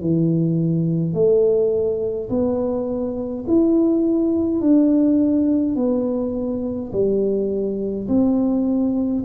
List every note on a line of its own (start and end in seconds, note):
0.00 1.13 E3
1.13 2.29 A3
2.29 3.45 B3
3.47 4.60 E4
4.60 5.75 D4
5.75 6.91 B3
6.92 8.07 G3
8.08 9.23 C4